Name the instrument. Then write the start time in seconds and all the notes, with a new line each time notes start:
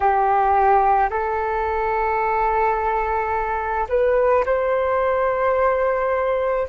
flute
0.00 G4
1.10 A4
3.88 B4
4.45 C5